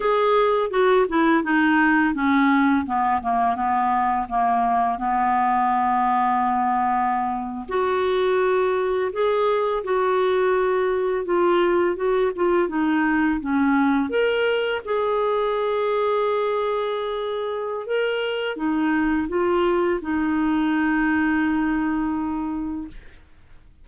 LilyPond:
\new Staff \with { instrumentName = "clarinet" } { \time 4/4 \tempo 4 = 84 gis'4 fis'8 e'8 dis'4 cis'4 | b8 ais8 b4 ais4 b4~ | b2~ b8. fis'4~ fis'16~ | fis'8. gis'4 fis'2 f'16~ |
f'8. fis'8 f'8 dis'4 cis'4 ais'16~ | ais'8. gis'2.~ gis'16~ | gis'4 ais'4 dis'4 f'4 | dis'1 | }